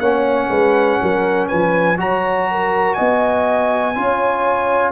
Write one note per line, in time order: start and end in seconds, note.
0.00 0.49 A#3
0.00 1.98 C#4
0.00 0.50 C#5
0.00 1.48 F#5
0.50 0.99 G#3
0.50 0.99 B4
1.02 1.52 F#3
1.02 1.49 A#4
1.48 1.99 F3
1.48 1.98 B4
1.48 1.98 G#5
1.98 2.98 F#3
1.98 3.95 F#4
1.98 2.49 C#5
1.98 2.94 A#5
2.51 2.96 A#4
2.94 3.97 B3
2.94 3.94 D#5
2.94 4.91 G#5
3.95 4.92 C#4
3.95 4.92 F4
3.95 4.92 C#5